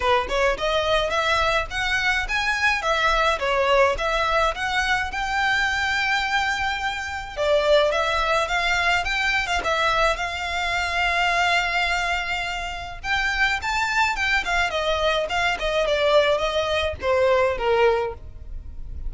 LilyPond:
\new Staff \with { instrumentName = "violin" } { \time 4/4 \tempo 4 = 106 b'8 cis''8 dis''4 e''4 fis''4 | gis''4 e''4 cis''4 e''4 | fis''4 g''2.~ | g''4 d''4 e''4 f''4 |
g''8. f''16 e''4 f''2~ | f''2. g''4 | a''4 g''8 f''8 dis''4 f''8 dis''8 | d''4 dis''4 c''4 ais'4 | }